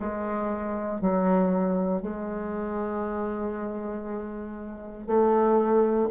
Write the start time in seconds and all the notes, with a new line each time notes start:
0.00 G#3
1.01 F#3
2.02 G#3
5.07 A3